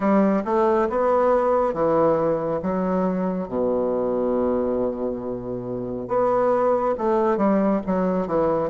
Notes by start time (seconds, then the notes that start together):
0.00 G3
0.44 A3
0.89 B3
1.73 E3
2.62 F#3
3.47 B2
6.08 B3
6.98 A3
7.37 G3
7.86 F#3
8.27 E3